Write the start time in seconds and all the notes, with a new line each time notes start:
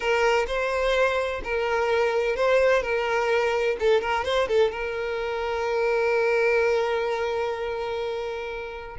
0.00 A#4
0.47 C5
1.44 A#4
2.36 C5
2.82 A#4
3.79 A4
4.01 A#4
4.24 C5
4.48 A4
4.71 A#4